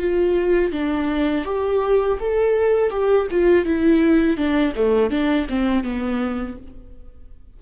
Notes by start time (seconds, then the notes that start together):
0.00 F4
0.73 D4
1.45 G4
2.20 A4
2.91 G4
3.31 F4
3.66 E4
4.37 D4
4.76 A3
5.11 D4
5.49 C4
5.84 B3